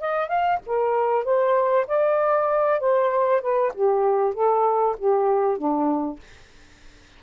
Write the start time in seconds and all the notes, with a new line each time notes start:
0.00 D#5
0.28 F5
0.66 A#4
1.24 C5
1.87 D5
2.79 C5
3.41 B4
3.74 G4
4.34 A4
4.98 G4
5.57 D4